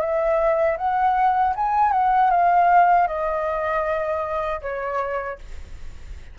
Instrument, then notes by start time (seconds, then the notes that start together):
flute
0.00 E5
0.77 F#5
1.56 G#5
1.92 F#5
2.30 F5
3.07 D#5
4.62 C#5